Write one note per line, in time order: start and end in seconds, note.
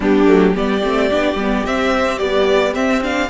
0.00 0.26 G3
0.00 0.26 B3
0.00 0.55 D4
0.00 0.56 G4
0.26 0.54 F#3
0.26 0.53 A3
0.54 0.83 G3
0.54 0.81 B3
0.54 3.30 G4
0.54 1.65 D5
0.82 1.11 A3
0.82 1.10 C4
1.10 1.34 B3
1.10 1.37 D4
1.34 1.61 G3
1.34 1.65 B3
1.65 2.20 C4
1.65 2.19 C4
1.65 2.18 E5
2.18 2.74 G3
2.18 2.75 B3
2.18 2.73 D5
2.74 3.01 C4
2.74 3.30 C4
2.74 3.02 E5
3.01 3.29 D4
3.01 3.30 F5